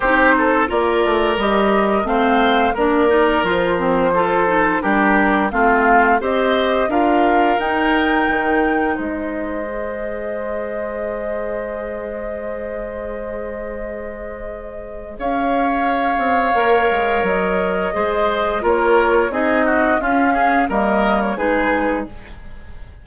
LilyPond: <<
  \new Staff \with { instrumentName = "flute" } { \time 4/4 \tempo 4 = 87 c''4 d''4 dis''4 f''4 | d''4 c''2 ais'4 | f''4 dis''4 f''4 g''4~ | g''4 dis''2.~ |
dis''1~ | dis''2 f''2~ | f''4 dis''2 cis''4 | dis''4 f''4 dis''8. cis''16 b'4 | }
  \new Staff \with { instrumentName = "oboe" } { \time 4/4 g'8 a'8 ais'2 c''4 | ais'2 a'4 g'4 | f'4 c''4 ais'2~ | ais'4 c''2.~ |
c''1~ | c''2 cis''2~ | cis''2 c''4 ais'4 | gis'8 fis'8 f'8 gis'8 ais'4 gis'4 | }
  \new Staff \with { instrumentName = "clarinet" } { \time 4/4 dis'4 f'4 g'4 c'4 | d'8 dis'8 f'8 c'8 f'8 dis'8 d'4 | c'4 g'4 f'4 dis'4~ | dis'2 gis'2~ |
gis'1~ | gis'1 | ais'2 gis'4 f'4 | dis'4 cis'4 ais4 dis'4 | }
  \new Staff \with { instrumentName = "bassoon" } { \time 4/4 c'4 ais8 a8 g4 a4 | ais4 f2 g4 | a4 c'4 d'4 dis'4 | dis4 gis2.~ |
gis1~ | gis2 cis'4. c'8 | ais8 gis8 fis4 gis4 ais4 | c'4 cis'4 g4 gis4 | }
>>